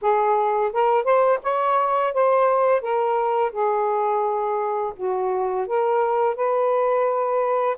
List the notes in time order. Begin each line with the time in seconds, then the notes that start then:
0.01 G#4
0.73 A#4
1.04 C5
1.42 C#5
2.13 C5
2.81 A#4
3.52 G#4
4.96 F#4
5.67 A#4
6.35 B4